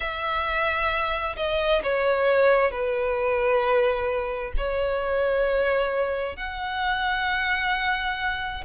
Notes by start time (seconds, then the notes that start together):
0.00 E5
1.36 D#5
1.83 C#5
2.71 B4
4.57 C#5
6.36 F#5